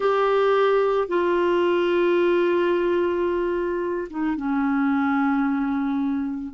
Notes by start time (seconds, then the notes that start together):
0.00 G4
1.08 F4
4.10 D#4
4.36 C#4